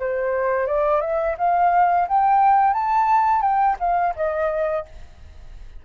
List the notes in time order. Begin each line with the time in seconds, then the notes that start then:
0.00 C5
0.67 D5
1.01 E5
1.38 F5
2.08 G5
2.74 A5
3.42 G5
3.80 F5
4.16 D#5